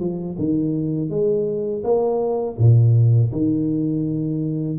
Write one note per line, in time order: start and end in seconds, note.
0.00 0.37 F3
0.39 1.10 D#3
1.10 1.83 G#3
1.84 2.57 A#3
2.58 3.32 A#2
3.32 4.79 D#3